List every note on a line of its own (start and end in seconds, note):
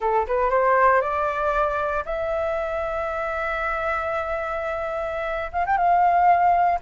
0.00 0.26 A4
0.26 0.50 B4
0.50 1.01 C5
1.01 2.03 D5
2.05 5.51 E5
5.52 5.65 F5
5.65 5.77 G5
5.77 6.79 F5